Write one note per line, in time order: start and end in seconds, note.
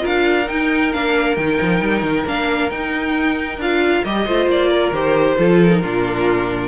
0.00 0.49 D4
0.00 0.44 F4
0.00 4.24 A#4
0.00 0.48 F5
0.47 0.91 D#4
0.47 0.94 D#4
0.47 0.92 G5
0.92 1.37 A#3
0.92 1.36 D4
0.92 1.36 F5
1.36 1.59 D#3
1.36 2.26 D#4
1.36 2.24 G5
1.61 1.80 F3
1.80 2.02 G3
2.02 2.24 D#3
2.26 2.71 A#3
2.26 2.70 D4
2.26 2.70 F5
2.70 3.59 D#4
2.70 3.57 D#4
2.70 3.58 G5
3.57 4.02 D4
3.57 4.05 F4
3.57 4.04 F5
4.04 4.27 G3
4.04 4.27 G4
4.04 4.49 D#5
4.25 4.46 A3
4.25 4.93 F4
4.25 4.70 C5
4.46 4.91 A#3
4.46 4.93 D5
4.70 5.36 A#4
4.91 5.36 D#3
4.91 5.38 G4
4.91 5.60 C5
5.38 5.83 F3
5.38 5.70 F4
5.38 5.82 A4
5.61 6.68 A#4
5.70 5.81 D#4
5.82 6.68 A#2
5.82 6.68 D4
5.82 6.68 F4